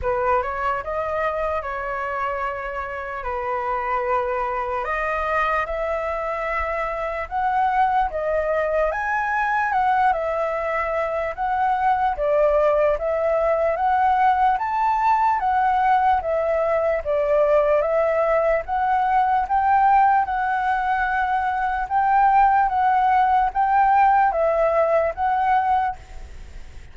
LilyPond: \new Staff \with { instrumentName = "flute" } { \time 4/4 \tempo 4 = 74 b'8 cis''8 dis''4 cis''2 | b'2 dis''4 e''4~ | e''4 fis''4 dis''4 gis''4 | fis''8 e''4. fis''4 d''4 |
e''4 fis''4 a''4 fis''4 | e''4 d''4 e''4 fis''4 | g''4 fis''2 g''4 | fis''4 g''4 e''4 fis''4 | }